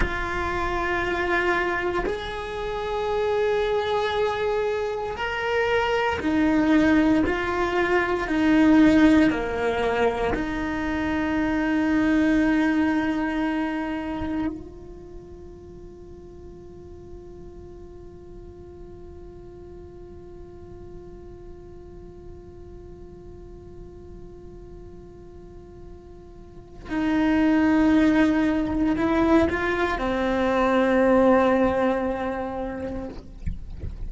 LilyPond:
\new Staff \with { instrumentName = "cello" } { \time 4/4 \tempo 4 = 58 f'2 gis'2~ | gis'4 ais'4 dis'4 f'4 | dis'4 ais4 dis'2~ | dis'2 f'2~ |
f'1~ | f'1~ | f'2 dis'2 | e'8 f'8 c'2. | }